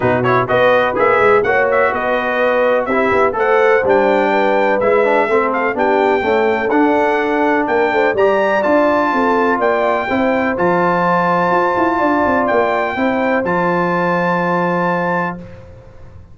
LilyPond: <<
  \new Staff \with { instrumentName = "trumpet" } { \time 4/4 \tempo 4 = 125 b'8 cis''8 dis''4 e''4 fis''8 e''8 | dis''2 e''4 fis''4 | g''2 e''4. f''8 | g''2 fis''2 |
g''4 ais''4 a''2 | g''2 a''2~ | a''2 g''2 | a''1 | }
  \new Staff \with { instrumentName = "horn" } { \time 4/4 fis'4 b'2 cis''4 | b'2 g'4 c''4~ | c''4 b'2 a'4 | g'4 a'2. |
ais'8 c''8 d''2 a'4 | d''4 c''2.~ | c''4 d''2 c''4~ | c''1 | }
  \new Staff \with { instrumentName = "trombone" } { \time 4/4 dis'8 e'8 fis'4 gis'4 fis'4~ | fis'2 e'4 a'4 | d'2 e'8 d'8 c'4 | d'4 a4 d'2~ |
d'4 g'4 f'2~ | f'4 e'4 f'2~ | f'2. e'4 | f'1 | }
  \new Staff \with { instrumentName = "tuba" } { \time 4/4 b,4 b4 ais8 gis8 ais4 | b2 c'8 b8 a4 | g2 gis4 a4 | b4 cis'4 d'2 |
ais8 a8 g4 d'4 c'4 | ais4 c'4 f2 | f'8 e'8 d'8 c'8 ais4 c'4 | f1 | }
>>